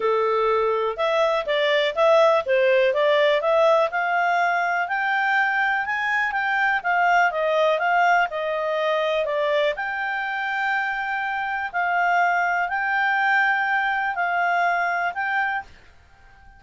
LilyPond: \new Staff \with { instrumentName = "clarinet" } { \time 4/4 \tempo 4 = 123 a'2 e''4 d''4 | e''4 c''4 d''4 e''4 | f''2 g''2 | gis''4 g''4 f''4 dis''4 |
f''4 dis''2 d''4 | g''1 | f''2 g''2~ | g''4 f''2 g''4 | }